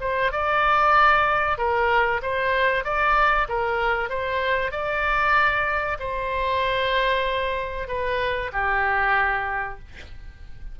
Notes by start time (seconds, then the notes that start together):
0.00 C5
0.32 D5
1.58 A#4
2.22 C5
2.84 D5
3.49 A#4
4.09 C5
4.71 D5
5.99 C5
7.88 B4
8.53 G4